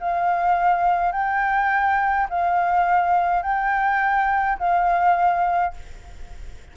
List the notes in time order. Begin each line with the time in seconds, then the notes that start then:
0.00 F5
1.12 G5
2.30 F5
3.42 G5
4.58 F5